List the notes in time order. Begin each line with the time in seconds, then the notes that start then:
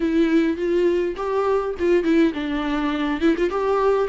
0.00 E4
0.56 F4
1.16 G4
1.79 F4
2.03 E4
2.33 D4
3.20 E4
3.37 F4
3.50 G4